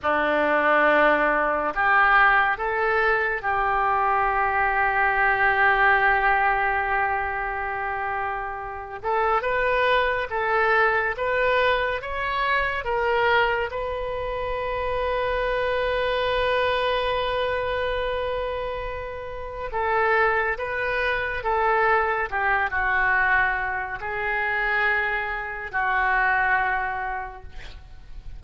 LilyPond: \new Staff \with { instrumentName = "oboe" } { \time 4/4 \tempo 4 = 70 d'2 g'4 a'4 | g'1~ | g'2~ g'8 a'8 b'4 | a'4 b'4 cis''4 ais'4 |
b'1~ | b'2. a'4 | b'4 a'4 g'8 fis'4. | gis'2 fis'2 | }